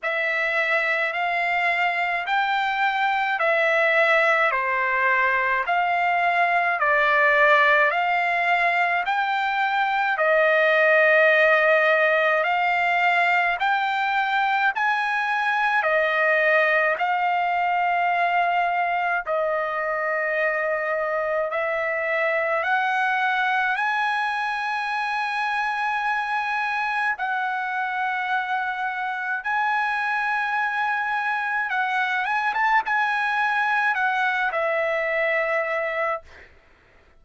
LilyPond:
\new Staff \with { instrumentName = "trumpet" } { \time 4/4 \tempo 4 = 53 e''4 f''4 g''4 e''4 | c''4 f''4 d''4 f''4 | g''4 dis''2 f''4 | g''4 gis''4 dis''4 f''4~ |
f''4 dis''2 e''4 | fis''4 gis''2. | fis''2 gis''2 | fis''8 gis''16 a''16 gis''4 fis''8 e''4. | }